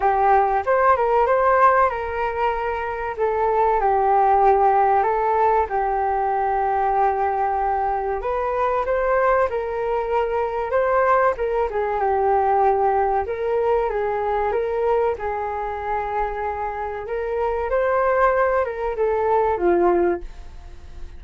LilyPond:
\new Staff \with { instrumentName = "flute" } { \time 4/4 \tempo 4 = 95 g'4 c''8 ais'8 c''4 ais'4~ | ais'4 a'4 g'2 | a'4 g'2.~ | g'4 b'4 c''4 ais'4~ |
ais'4 c''4 ais'8 gis'8 g'4~ | g'4 ais'4 gis'4 ais'4 | gis'2. ais'4 | c''4. ais'8 a'4 f'4 | }